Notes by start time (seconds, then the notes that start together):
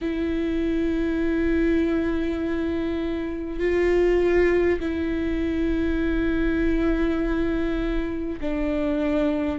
0.01 E4
3.59 F4
4.79 E4
8.41 D4